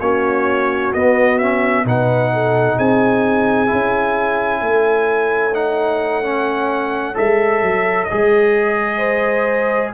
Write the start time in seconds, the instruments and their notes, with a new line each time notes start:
0.00 tuba A#3, trombone C#4, horn F#4, trumpet C#5
0.94 tuba B3, trombone B3, trumpet D#5
1.39 trombone C#4, trumpet E5
1.85 tuba B2, trombone D#4, horn B4, trumpet F#5
2.34 horn A4
2.77 tuba C4, horn G#4, trumpet G#5
3.67 tuba C#4, trombone E4
4.61 tuba A3, horn C#5
5.55 trombone D#4, trumpet F#5
6.24 trombone C#4
7.15 tuba G#3, trombone A4, trumpet E5
7.62 tuba F#3
8.05 trombone G#4, trumpet D#5
8.12 tuba G#3
8.98 horn C5